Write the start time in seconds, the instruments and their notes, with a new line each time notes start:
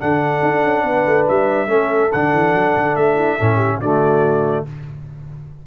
0.00 tuba D3, trombone D4, horn A4, trumpet F#5
0.43 tuba D4
0.64 tuba C#4
0.83 tuba B3, horn B4
1.07 tuba A3
1.28 tuba G3, trumpet E5
1.68 tuba A3, trombone C#4, horn A4
2.12 tuba D3, trombone D4, trumpet F#5
2.34 tuba E3
2.54 tuba F#3
2.77 tuba D3
2.96 tuba A3, trumpet E5
3.16 horn E4
3.38 tuba A2, trombone C#4, horn A4
3.56 horn G4
3.79 tuba D3, trombone A3, horn F#4, trumpet D5